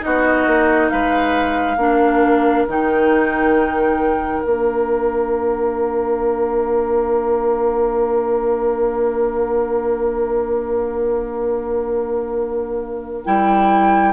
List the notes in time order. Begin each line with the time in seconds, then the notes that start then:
0.00 B3 D#4 F#4 D#5
0.46 A#3
0.89 G#3 B4 F5
1.76 A#3 D4 A#4
2.67 D#3 D#4 G5
4.42 A#3 D4 F5
13.24 G3 E4 G5